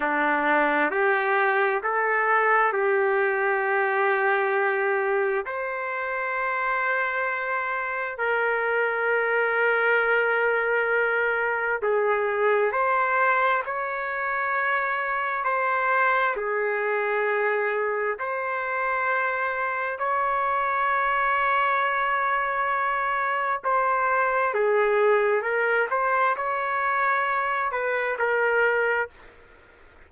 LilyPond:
\new Staff \with { instrumentName = "trumpet" } { \time 4/4 \tempo 4 = 66 d'4 g'4 a'4 g'4~ | g'2 c''2~ | c''4 ais'2.~ | ais'4 gis'4 c''4 cis''4~ |
cis''4 c''4 gis'2 | c''2 cis''2~ | cis''2 c''4 gis'4 | ais'8 c''8 cis''4. b'8 ais'4 | }